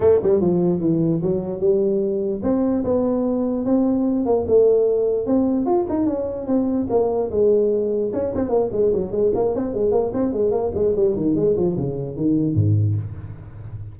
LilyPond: \new Staff \with { instrumentName = "tuba" } { \time 4/4 \tempo 4 = 148 a8 g8 f4 e4 fis4 | g2 c'4 b4~ | b4 c'4. ais8 a4~ | a4 c'4 f'8 dis'8 cis'4 |
c'4 ais4 gis2 | cis'8 c'8 ais8 gis8 fis8 gis8 ais8 c'8 | gis8 ais8 c'8 gis8 ais8 gis8 g8 dis8 | gis8 f8 cis4 dis4 gis,4 | }